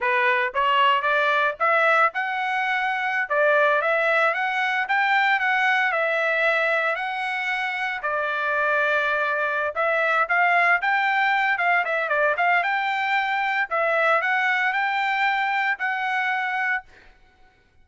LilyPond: \new Staff \with { instrumentName = "trumpet" } { \time 4/4 \tempo 4 = 114 b'4 cis''4 d''4 e''4 | fis''2~ fis''16 d''4 e''8.~ | e''16 fis''4 g''4 fis''4 e''8.~ | e''4~ e''16 fis''2 d''8.~ |
d''2~ d''8 e''4 f''8~ | f''8 g''4. f''8 e''8 d''8 f''8 | g''2 e''4 fis''4 | g''2 fis''2 | }